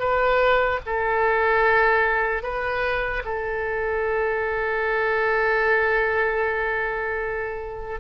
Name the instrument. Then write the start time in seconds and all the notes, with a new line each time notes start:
oboe
0.00 B4
0.87 A4
2.43 B4
3.25 A4